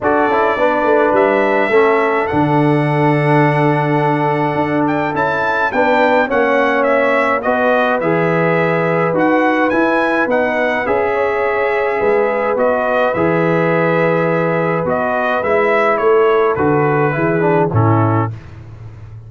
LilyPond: <<
  \new Staff \with { instrumentName = "trumpet" } { \time 4/4 \tempo 4 = 105 d''2 e''2 | fis''1~ | fis''8 g''8 a''4 g''4 fis''4 | e''4 dis''4 e''2 |
fis''4 gis''4 fis''4 e''4~ | e''2 dis''4 e''4~ | e''2 dis''4 e''4 | cis''4 b'2 a'4 | }
  \new Staff \with { instrumentName = "horn" } { \time 4/4 a'4 b'2 a'4~ | a'1~ | a'2 b'4 cis''4~ | cis''4 b'2.~ |
b'2.~ b'8 cis''8~ | cis''4 b'2.~ | b'1 | a'2 gis'4 e'4 | }
  \new Staff \with { instrumentName = "trombone" } { \time 4/4 fis'8 e'8 d'2 cis'4 | d'1~ | d'4 e'4 d'4 cis'4~ | cis'4 fis'4 gis'2 |
fis'4 e'4 dis'4 gis'4~ | gis'2 fis'4 gis'4~ | gis'2 fis'4 e'4~ | e'4 fis'4 e'8 d'8 cis'4 | }
  \new Staff \with { instrumentName = "tuba" } { \time 4/4 d'8 cis'8 b8 a8 g4 a4 | d1 | d'4 cis'4 b4 ais4~ | ais4 b4 e2 |
dis'4 e'4 b4 cis'4~ | cis'4 gis4 b4 e4~ | e2 b4 gis4 | a4 d4 e4 a,4 | }
>>